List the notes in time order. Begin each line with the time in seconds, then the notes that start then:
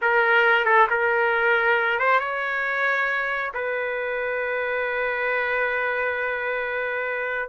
0.01 A#4
0.65 A4
0.90 A#4
1.99 C5
2.19 C#5
3.54 B4